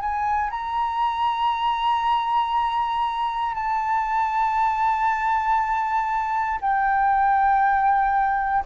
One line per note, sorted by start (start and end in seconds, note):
0.00 0.51 G#5
0.51 3.55 A#5
3.55 6.60 A5
6.61 8.65 G5